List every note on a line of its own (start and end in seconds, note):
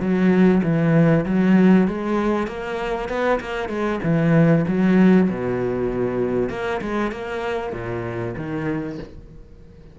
0.00 0.62 F#3
0.64 1.25 E3
1.26 1.88 F#3
1.88 2.47 G#3
2.47 3.09 A#3
3.09 3.40 B3
3.41 3.69 A#3
3.69 4.00 G#3
4.03 4.65 E3
4.68 5.30 F#3
5.30 6.50 B2
6.50 6.81 A#3
6.81 7.12 G#3
7.12 7.73 A#3
7.73 8.35 A#2
8.37 8.99 D#3